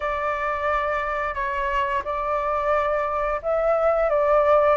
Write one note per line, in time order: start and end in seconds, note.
0.00 1.34 D5
1.34 2.02 C#5
2.04 3.41 D5
3.42 4.09 E5
4.09 4.77 D5